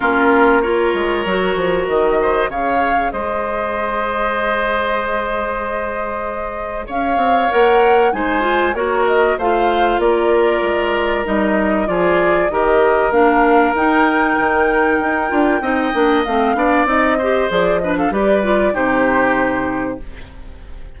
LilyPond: <<
  \new Staff \with { instrumentName = "flute" } { \time 4/4 \tempo 4 = 96 ais'4 cis''2 dis''4 | f''4 dis''2.~ | dis''2. f''4 | fis''4 gis''4 cis''8 dis''8 f''4 |
d''2 dis''4 d''4 | dis''4 f''4 g''2~ | g''2 f''4 dis''4 | d''8 dis''16 f''16 d''4 c''2 | }
  \new Staff \with { instrumentName = "oboe" } { \time 4/4 f'4 ais'2~ ais'8 c''8 | cis''4 c''2.~ | c''2. cis''4~ | cis''4 c''4 ais'4 c''4 |
ais'2. gis'4 | ais'1~ | ais'4 dis''4. d''4 c''8~ | c''8 b'16 a'16 b'4 g'2 | }
  \new Staff \with { instrumentName = "clarinet" } { \time 4/4 cis'4 f'4 fis'2 | gis'1~ | gis'1 | ais'4 dis'8 f'8 fis'4 f'4~ |
f'2 dis'4 f'4 | g'4 d'4 dis'2~ | dis'8 f'8 dis'8 d'8 c'8 d'8 dis'8 g'8 | gis'8 d'8 g'8 f'8 dis'2 | }
  \new Staff \with { instrumentName = "bassoon" } { \time 4/4 ais4. gis8 fis8 f8 dis4 | cis4 gis2.~ | gis2. cis'8 c'8 | ais4 gis4 ais4 a4 |
ais4 gis4 g4 f4 | dis4 ais4 dis'4 dis4 | dis'8 d'8 c'8 ais8 a8 b8 c'4 | f4 g4 c2 | }
>>